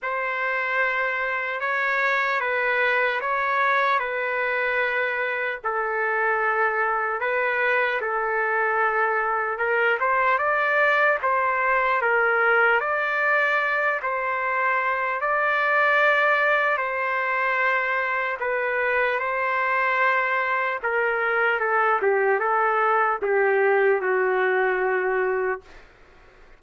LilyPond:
\new Staff \with { instrumentName = "trumpet" } { \time 4/4 \tempo 4 = 75 c''2 cis''4 b'4 | cis''4 b'2 a'4~ | a'4 b'4 a'2 | ais'8 c''8 d''4 c''4 ais'4 |
d''4. c''4. d''4~ | d''4 c''2 b'4 | c''2 ais'4 a'8 g'8 | a'4 g'4 fis'2 | }